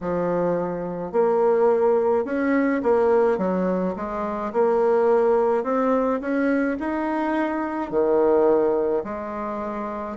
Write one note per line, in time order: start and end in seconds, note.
0.00 1.12 F3
1.12 2.24 A#3
2.24 2.81 C#4
2.83 3.38 A#3
3.38 3.94 F#3
3.96 4.52 G#3
4.53 5.63 A#3
5.63 6.20 C4
6.20 6.77 C#4
6.79 7.90 D#4
7.90 9.03 D#3
9.04 10.16 G#3